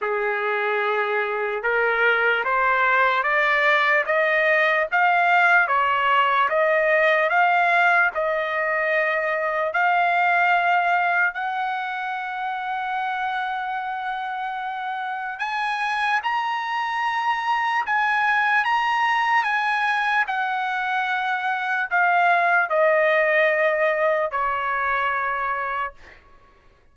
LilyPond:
\new Staff \with { instrumentName = "trumpet" } { \time 4/4 \tempo 4 = 74 gis'2 ais'4 c''4 | d''4 dis''4 f''4 cis''4 | dis''4 f''4 dis''2 | f''2 fis''2~ |
fis''2. gis''4 | ais''2 gis''4 ais''4 | gis''4 fis''2 f''4 | dis''2 cis''2 | }